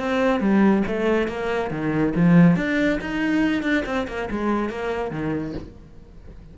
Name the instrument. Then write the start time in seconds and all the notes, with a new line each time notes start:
cello
0.00 C4
0.41 G3
0.87 A3
1.28 A#3
1.71 D#3
2.16 F3
2.57 D4
3.01 D#4
3.63 D4
3.86 C4
4.08 A#3
4.31 G#3
4.70 A#3
5.12 D#3